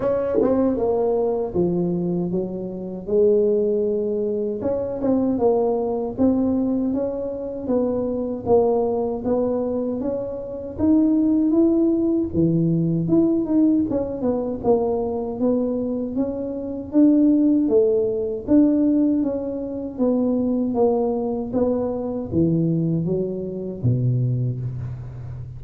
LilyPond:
\new Staff \with { instrumentName = "tuba" } { \time 4/4 \tempo 4 = 78 cis'8 c'8 ais4 f4 fis4 | gis2 cis'8 c'8 ais4 | c'4 cis'4 b4 ais4 | b4 cis'4 dis'4 e'4 |
e4 e'8 dis'8 cis'8 b8 ais4 | b4 cis'4 d'4 a4 | d'4 cis'4 b4 ais4 | b4 e4 fis4 b,4 | }